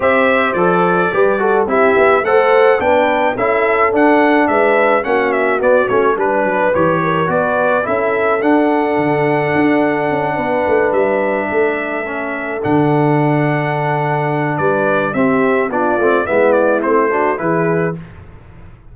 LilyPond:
<<
  \new Staff \with { instrumentName = "trumpet" } { \time 4/4 \tempo 4 = 107 e''4 d''2 e''4 | fis''4 g''4 e''4 fis''4 | e''4 fis''8 e''8 d''8 cis''8 b'4 | cis''4 d''4 e''4 fis''4~ |
fis''2.~ fis''8 e''8~ | e''2~ e''8 fis''4.~ | fis''2 d''4 e''4 | d''4 e''8 d''8 c''4 b'4 | }
  \new Staff \with { instrumentName = "horn" } { \time 4/4 c''2 b'8 a'8 g'4 | c''4 b'4 a'2 | b'4 fis'2 b'4~ | b'8 ais'8 b'4 a'2~ |
a'2~ a'8 b'4.~ | b'8 a'2.~ a'8~ | a'2 b'4 g'4 | f'4 e'4. fis'8 gis'4 | }
  \new Staff \with { instrumentName = "trombone" } { \time 4/4 g'4 a'4 g'8 fis'8 e'4 | a'4 d'4 e'4 d'4~ | d'4 cis'4 b8 cis'8 d'4 | g'4 fis'4 e'4 d'4~ |
d'1~ | d'4. cis'4 d'4.~ | d'2. c'4 | d'8 c'8 b4 c'8 d'8 e'4 | }
  \new Staff \with { instrumentName = "tuba" } { \time 4/4 c'4 f4 g4 c'8 b8 | a4 b4 cis'4 d'4 | gis4 ais4 b8 a8 g8 fis8 | e4 b4 cis'4 d'4 |
d4 d'4 cis'8 b8 a8 g8~ | g8 a2 d4.~ | d2 g4 c'4 | b8 a8 gis4 a4 e4 | }
>>